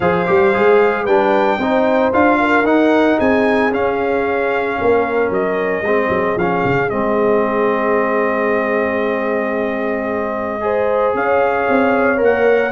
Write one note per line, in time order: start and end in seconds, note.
0.00 0.26 F3
0.00 0.26 G#4
0.00 1.03 C5
0.00 1.06 F5
0.26 0.55 G3
0.26 0.52 G4
0.53 1.06 G#3
0.53 1.06 G#4
1.03 1.58 G3
1.03 1.60 D4
1.03 1.56 B4
1.03 2.12 G5
1.58 2.11 C4
1.58 2.13 D#4
1.58 2.39 C5
2.13 2.63 D4
2.13 2.64 F4
2.13 2.66 F5
2.39 3.18 A#4
2.63 3.16 D#4
2.63 3.71 D#4
2.63 3.19 F#5
3.18 3.71 C4
3.18 4.77 G#4
3.18 3.72 G#5
3.71 4.78 C#4
3.71 5.84 C#4
3.71 5.33 F5
4.80 5.29 A#3
4.80 5.84 A#4
5.29 5.82 F#3
5.29 6.38 D#5
5.82 6.08 G#3
5.82 6.38 C4
5.82 10.62 G#4
6.09 6.35 F#3
6.37 6.63 F3
6.37 6.89 C#4
6.37 6.89 F5
6.65 6.91 C#3
6.89 11.14 G#3
6.89 10.60 C4
6.89 11.14 D#5
10.60 12.17 G#4
10.60 11.16 C5
11.14 11.67 C#4
11.14 12.72 C#5
11.14 12.22 F5
11.68 12.21 C4
12.17 12.72 A#3
12.17 12.70 A#4
12.23 12.72 F#5